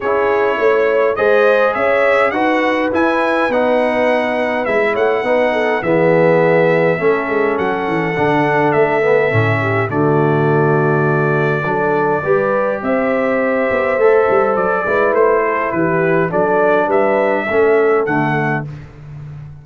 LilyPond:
<<
  \new Staff \with { instrumentName = "trumpet" } { \time 4/4 \tempo 4 = 103 cis''2 dis''4 e''4 | fis''4 gis''4 fis''2 | e''8 fis''4. e''2~ | e''4 fis''2 e''4~ |
e''4 d''2.~ | d''2 e''2~ | e''4 d''4 c''4 b'4 | d''4 e''2 fis''4 | }
  \new Staff \with { instrumentName = "horn" } { \time 4/4 gis'4 cis''4 c''4 cis''4 | b'1~ | b'8 cis''8 b'8 a'8 gis'2 | a'1~ |
a'8 g'8 fis'2. | a'4 b'4 c''2~ | c''4. b'4 a'8 g'4 | a'4 b'4 a'2 | }
  \new Staff \with { instrumentName = "trombone" } { \time 4/4 e'2 gis'2 | fis'4 e'4 dis'2 | e'4 dis'4 b2 | cis'2 d'4. b8 |
cis'4 a2. | d'4 g'2. | a'4. e'2~ e'8 | d'2 cis'4 a4 | }
  \new Staff \with { instrumentName = "tuba" } { \time 4/4 cis'4 a4 gis4 cis'4 | dis'4 e'4 b2 | gis8 a8 b4 e2 | a8 gis8 fis8 e8 d4 a4 |
a,4 d2. | fis4 g4 c'4. b8 | a8 g8 fis8 gis8 a4 e4 | fis4 g4 a4 d4 | }
>>